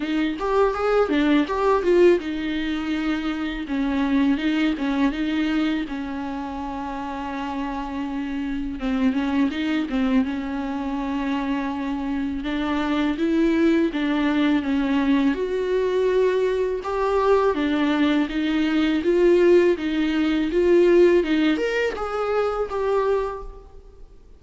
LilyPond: \new Staff \with { instrumentName = "viola" } { \time 4/4 \tempo 4 = 82 dis'8 g'8 gis'8 d'8 g'8 f'8 dis'4~ | dis'4 cis'4 dis'8 cis'8 dis'4 | cis'1 | c'8 cis'8 dis'8 c'8 cis'2~ |
cis'4 d'4 e'4 d'4 | cis'4 fis'2 g'4 | d'4 dis'4 f'4 dis'4 | f'4 dis'8 ais'8 gis'4 g'4 | }